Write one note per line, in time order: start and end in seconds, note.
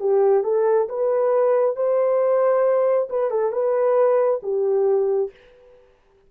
0.00 0.44 G4
0.44 0.88 A4
0.89 1.76 B4
1.76 3.08 C5
3.09 3.30 B4
3.30 3.52 A4
3.52 4.40 B4
4.42 5.31 G4